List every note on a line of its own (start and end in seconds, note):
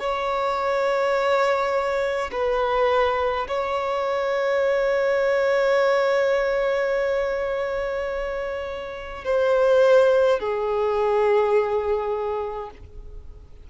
0.00 2.31 C#5
2.32 3.47 B4
3.48 9.25 C#5
9.25 10.40 C5
10.40 12.70 G#4